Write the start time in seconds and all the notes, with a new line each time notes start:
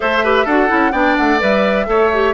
0.00 A3 A4 C5 E5
0.23 G4 B4
0.45 D4 F#4 A4 F#5
0.68 C#4 E4
0.92 B3 D4 D5 G5
1.16 A3 F#5
1.39 G3 B4 E5
1.86 A3 A4 C#5
2.13 G4